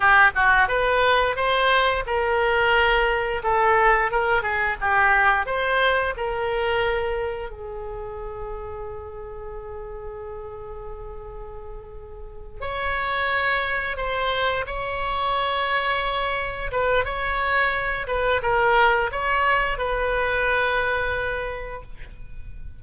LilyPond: \new Staff \with { instrumentName = "oboe" } { \time 4/4 \tempo 4 = 88 g'8 fis'8 b'4 c''4 ais'4~ | ais'4 a'4 ais'8 gis'8 g'4 | c''4 ais'2 gis'4~ | gis'1~ |
gis'2~ gis'8 cis''4.~ | cis''8 c''4 cis''2~ cis''8~ | cis''8 b'8 cis''4. b'8 ais'4 | cis''4 b'2. | }